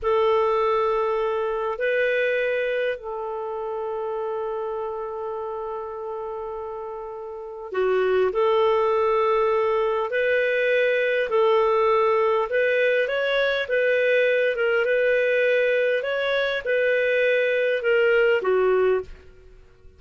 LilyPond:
\new Staff \with { instrumentName = "clarinet" } { \time 4/4 \tempo 4 = 101 a'2. b'4~ | b'4 a'2.~ | a'1~ | a'4 fis'4 a'2~ |
a'4 b'2 a'4~ | a'4 b'4 cis''4 b'4~ | b'8 ais'8 b'2 cis''4 | b'2 ais'4 fis'4 | }